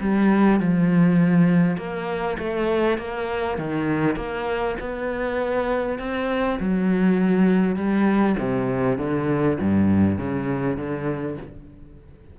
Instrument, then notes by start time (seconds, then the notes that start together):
cello
0.00 G3
0.59 F3
1.77 A#3
2.38 A3
2.98 A#3
3.58 D#3
4.16 A#3
4.80 B3
5.99 C4
6.59 F#3
7.76 G3
8.39 C3
8.98 D3
9.59 G2
10.18 C#3
10.77 D3